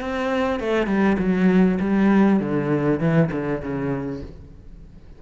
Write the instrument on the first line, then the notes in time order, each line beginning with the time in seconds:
cello
0.00 C4
0.60 A3
0.86 G3
1.19 F#3
1.80 G3
2.40 D3
3.00 E3
3.32 D3
3.62 C#3